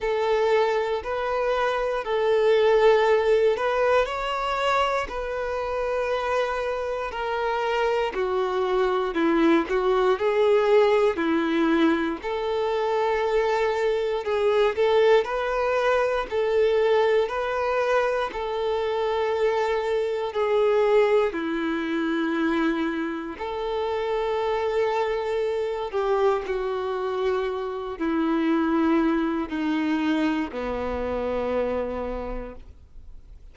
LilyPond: \new Staff \with { instrumentName = "violin" } { \time 4/4 \tempo 4 = 59 a'4 b'4 a'4. b'8 | cis''4 b'2 ais'4 | fis'4 e'8 fis'8 gis'4 e'4 | a'2 gis'8 a'8 b'4 |
a'4 b'4 a'2 | gis'4 e'2 a'4~ | a'4. g'8 fis'4. e'8~ | e'4 dis'4 b2 | }